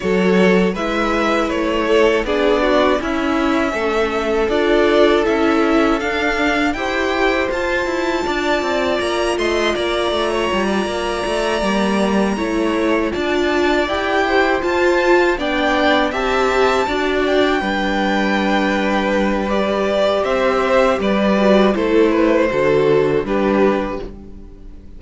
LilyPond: <<
  \new Staff \with { instrumentName = "violin" } { \time 4/4 \tempo 4 = 80 cis''4 e''4 cis''4 d''4 | e''2 d''4 e''4 | f''4 g''4 a''2 | ais''8 c'''8 ais''2.~ |
ais''4. a''4 g''4 a''8~ | a''8 g''4 a''4. g''4~ | g''2 d''4 e''4 | d''4 c''2 b'4 | }
  \new Staff \with { instrumentName = "violin" } { \time 4/4 a'4 b'4. a'8 gis'8 fis'8 | e'4 a'2.~ | a'4 c''2 d''4~ | d''8 dis''8 d''8. cis''8 d''4.~ d''16~ |
d''8 cis''4 d''4. c''4~ | c''8 d''4 e''4 d''4 b'8~ | b'2. c''4 | b'4 a'8 b'8 a'4 g'4 | }
  \new Staff \with { instrumentName = "viola" } { \time 4/4 fis'4 e'2 d'4 | cis'2 f'4 e'4 | d'4 g'4 f'2~ | f'2.~ f'8 ais8~ |
ais8 e'4 f'4 g'4 f'8~ | f'8 d'4 g'4 fis'4 d'8~ | d'2 g'2~ | g'8 fis'8 e'4 fis'4 d'4 | }
  \new Staff \with { instrumentName = "cello" } { \time 4/4 fis4 gis4 a4 b4 | cis'4 a4 d'4 cis'4 | d'4 e'4 f'8 e'8 d'8 c'8 | ais8 a8 ais8 a8 g8 ais8 a8 g8~ |
g8 a4 d'4 e'4 f'8~ | f'8 b4 c'4 d'4 g8~ | g2. c'4 | g4 a4 d4 g4 | }
>>